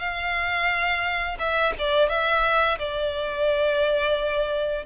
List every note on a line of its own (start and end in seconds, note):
0.00 1.38 F5
1.39 1.74 E5
1.79 2.09 D5
2.09 2.78 E5
2.79 4.86 D5